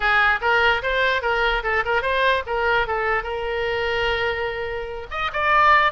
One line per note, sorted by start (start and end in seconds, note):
0.00 0.39 G#4
0.41 0.82 A#4
0.82 1.22 C5
1.22 1.62 A#4
1.63 1.83 A4
1.85 2.02 A#4
2.02 2.43 C5
2.46 2.87 A#4
2.87 3.23 A4
3.23 5.06 A#4
5.11 5.31 D#5
5.32 5.92 D5